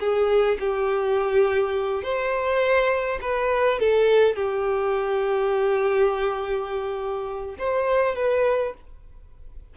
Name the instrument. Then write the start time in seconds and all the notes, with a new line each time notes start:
violin
0.00 G#4
0.60 G4
2.03 C5
3.22 B4
3.80 A4
4.36 G4
7.59 C5
8.16 B4